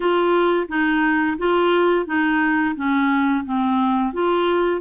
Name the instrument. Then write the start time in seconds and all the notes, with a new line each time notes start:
clarinet
0.00 F4
0.68 D#4
1.38 F4
2.06 D#4
2.75 C#4
3.45 C4
4.13 F4